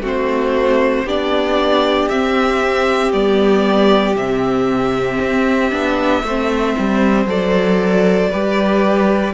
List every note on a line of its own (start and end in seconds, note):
0.00 1.03 A3
0.00 1.05 C4
0.00 1.05 F#4
0.06 1.08 C5
1.04 2.08 B3
1.04 2.10 D4
1.04 6.23 G4
1.04 2.08 D5
2.08 3.12 C4
2.08 3.12 E5
3.12 4.15 G3
3.12 4.15 B3
3.12 4.15 D5
4.15 5.19 C3
4.15 5.70 C4
4.15 7.26 E5
5.20 5.71 C4
5.70 6.22 B3
5.70 6.22 D4
6.22 6.74 A3
6.22 7.27 C4
6.22 8.30 C5
6.78 7.25 G3
7.25 8.28 F#3
7.25 8.30 A4
7.25 9.33 D5
8.30 9.33 G3
8.30 9.33 G4
8.30 9.33 B4